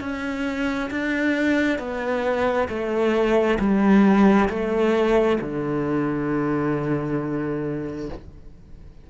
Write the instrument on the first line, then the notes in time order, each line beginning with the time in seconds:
cello
0.00 C#4
0.90 D4
1.78 B3
2.68 A3
3.59 G3
4.49 A3
5.41 D3